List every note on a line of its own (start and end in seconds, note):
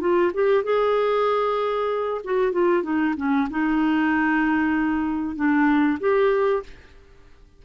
0.00 0.32 F4
0.34 0.63 G4
0.63 2.21 G#4
2.24 2.52 F#4
2.52 2.83 F4
2.83 3.14 D#4
3.17 3.48 C#4
3.50 5.35 D#4
5.35 5.99 D4
6.00 6.63 G4